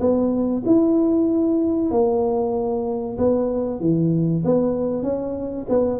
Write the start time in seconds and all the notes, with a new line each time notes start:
0.00 B3
0.66 E4
1.91 A#3
3.18 B3
3.80 E3
4.44 B3
5.03 C#4
5.69 B3